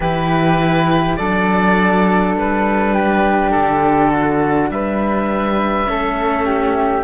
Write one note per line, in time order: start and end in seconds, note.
0.00 1.16 E3
0.00 1.19 E4
0.00 1.17 G4
0.00 1.16 B4
1.16 2.35 F#3
1.16 5.86 D4
1.16 2.94 A4
1.16 2.34 D5
2.35 3.52 G3
2.35 3.50 B4
2.94 4.10 G4
3.50 4.70 D3
3.50 4.68 A4
4.10 4.69 F#4
4.70 5.87 G3
4.70 5.89 B4
4.70 7.03 E5
5.86 7.03 A3
5.86 7.03 C#4
5.86 6.45 A4
6.45 7.03 G4